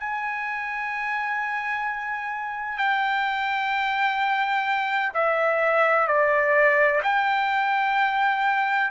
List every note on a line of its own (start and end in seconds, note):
0.00 2.78 G#5
2.78 5.13 G5
5.14 6.08 E5
6.08 7.02 D5
7.04 8.91 G5